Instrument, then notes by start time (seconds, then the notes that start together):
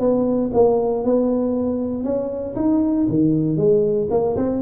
tuba
0.00 B3
0.54 A#3
1.04 B3
2.04 C#4
2.56 D#4
3.09 D#3
3.57 G#3
4.11 A#3
4.37 C4